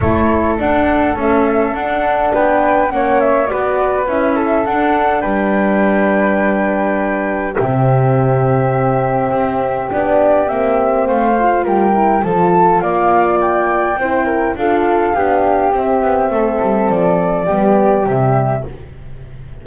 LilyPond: <<
  \new Staff \with { instrumentName = "flute" } { \time 4/4 \tempo 4 = 103 cis''4 fis''4 e''4 fis''4 | g''4 fis''8 e''8 d''4 e''4 | fis''4 g''2.~ | g''4 e''2.~ |
e''4 d''4 e''4 f''4 | g''4 a''4 f''4 g''4~ | g''4 f''2 e''4~ | e''4 d''2 e''4 | }
  \new Staff \with { instrumentName = "flute" } { \time 4/4 a'1 | b'4 cis''4 b'4. a'8~ | a'4 b'2.~ | b'4 g'2.~ |
g'2. c''4 | ais'4 a'4 d''2 | c''8 ais'8 a'4 g'2 | a'2 g'2 | }
  \new Staff \with { instrumentName = "horn" } { \time 4/4 e'4 d'4 a4 d'4~ | d'4 cis'4 fis'4 e'4 | d'1~ | d'4 c'2.~ |
c'4 d'4 c'4. f'8~ | f'8 e'8 f'2. | e'4 f'4 d'4 c'4~ | c'2 b4 g4 | }
  \new Staff \with { instrumentName = "double bass" } { \time 4/4 a4 d'4 cis'4 d'4 | b4 ais4 b4 cis'4 | d'4 g2.~ | g4 c2. |
c'4 b4 ais4 a4 | g4 f4 ais2 | c'4 d'4 b4 c'8 b8 | a8 g8 f4 g4 c4 | }
>>